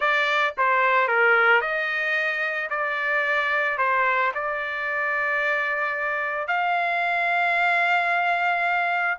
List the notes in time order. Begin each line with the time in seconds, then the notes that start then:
0.00 D5
0.57 C5
1.08 A#4
1.61 D#5
2.70 D5
3.78 C5
4.34 D5
6.47 F5